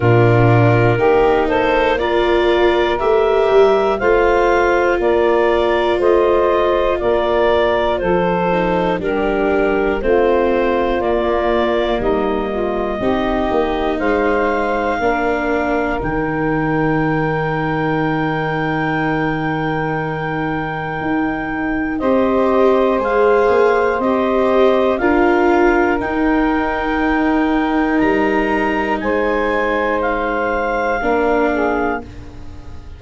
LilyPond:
<<
  \new Staff \with { instrumentName = "clarinet" } { \time 4/4 \tempo 4 = 60 ais'4. c''8 d''4 e''4 | f''4 d''4 dis''4 d''4 | c''4 ais'4 c''4 d''4 | dis''2 f''2 |
g''1~ | g''2 dis''4 f''4 | dis''4 f''4 g''2 | ais''4 gis''4 f''2 | }
  \new Staff \with { instrumentName = "saxophone" } { \time 4/4 f'4 g'8 a'8 ais'2 | c''4 ais'4 c''4 ais'4 | a'4 g'4 f'2 | dis'8 f'8 g'4 c''4 ais'4~ |
ais'1~ | ais'2 c''2~ | c''4 ais'2.~ | ais'4 c''2 ais'8 gis'8 | }
  \new Staff \with { instrumentName = "viola" } { \time 4/4 d'4 dis'4 f'4 g'4 | f'1~ | f'8 dis'8 d'4 c'4 ais4~ | ais4 dis'2 d'4 |
dis'1~ | dis'2 g'4 gis'4 | g'4 f'4 dis'2~ | dis'2. d'4 | }
  \new Staff \with { instrumentName = "tuba" } { \time 4/4 ais,4 ais2 a8 g8 | a4 ais4 a4 ais4 | f4 g4 a4 ais4 | g4 c'8 ais8 gis4 ais4 |
dis1~ | dis4 dis'4 c'4 gis8 ais8 | c'4 d'4 dis'2 | g4 gis2 ais4 | }
>>